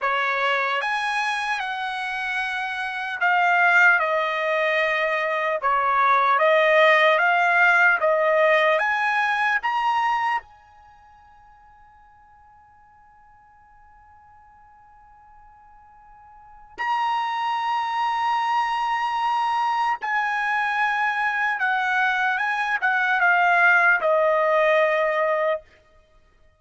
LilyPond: \new Staff \with { instrumentName = "trumpet" } { \time 4/4 \tempo 4 = 75 cis''4 gis''4 fis''2 | f''4 dis''2 cis''4 | dis''4 f''4 dis''4 gis''4 | ais''4 gis''2.~ |
gis''1~ | gis''4 ais''2.~ | ais''4 gis''2 fis''4 | gis''8 fis''8 f''4 dis''2 | }